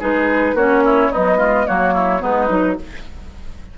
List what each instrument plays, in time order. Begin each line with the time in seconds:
0.00 bassoon G#3, clarinet D#4, oboe G#4, flute B4
0.54 bassoon A#3, clarinet C#4, oboe F#4, flute C#5
0.85 oboe E4
1.11 clarinet F#3, bassoon B3, oboe D#4, flute D#5
1.37 clarinet G#3, oboe F4
1.67 bassoon F#3, clarinet A#3, oboe F#4, flute C#5
1.94 oboe E4
2.20 bassoon G#3, clarinet B3, oboe D#4, flute B4
2.48 bassoon F#3, clarinet D#4